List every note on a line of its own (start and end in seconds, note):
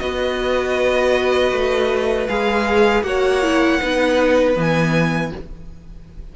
0.00 1.52 B3
0.00 2.28 F#4
0.00 3.06 B4
0.00 2.28 D#5
1.52 2.28 A3
2.29 3.03 G#3
2.29 3.04 G#4
2.29 3.03 F5
3.03 3.79 A#3
3.03 3.42 F#4
3.03 3.81 C#5
3.03 4.55 F#5
3.43 3.81 E4
3.81 4.56 B3
3.81 4.55 D#4
3.81 5.33 B4
4.55 5.32 E3
4.55 5.31 B3
4.55 5.36 G#5